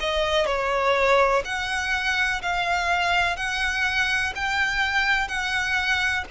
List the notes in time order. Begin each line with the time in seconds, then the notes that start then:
0.00 D#5
0.46 C#5
1.45 F#5
2.42 F5
3.37 F#5
4.35 G5
5.28 F#5